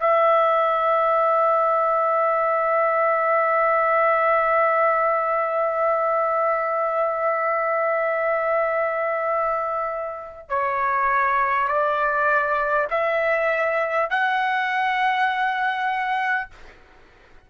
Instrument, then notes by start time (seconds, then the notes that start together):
trumpet
0.00 E5
10.49 C#5
11.68 D5
12.91 E5
14.10 F#5